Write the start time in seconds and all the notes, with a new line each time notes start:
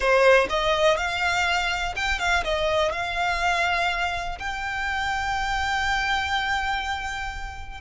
0.00 C5
0.49 D#5
0.97 F5
1.95 G5
2.19 F5
2.44 D#5
2.91 F5
4.39 G5